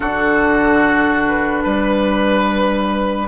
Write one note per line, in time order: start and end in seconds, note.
0.00 1.64 D3
0.00 3.28 D4
0.00 1.63 F#4
0.00 1.22 A4
1.27 3.28 B4
1.63 3.28 G3
1.63 3.27 B4